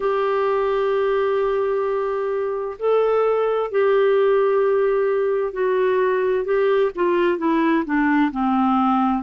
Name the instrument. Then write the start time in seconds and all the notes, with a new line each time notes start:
clarinet
0.00 G4
2.79 A4
3.71 G4
5.52 F#4
6.44 G4
6.95 F4
7.38 E4
7.85 D4
8.31 C4